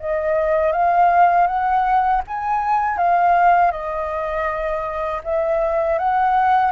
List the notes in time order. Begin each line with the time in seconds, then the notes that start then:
0.00 D#5
0.72 F5
1.47 F#5
2.27 G#5
2.98 F5
3.72 D#5
5.24 E5
5.99 F#5